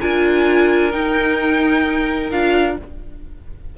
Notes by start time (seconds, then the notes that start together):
0.00 D4 F4 A#4 G#5
0.91 D#4 G5
2.31 D4 F4 F5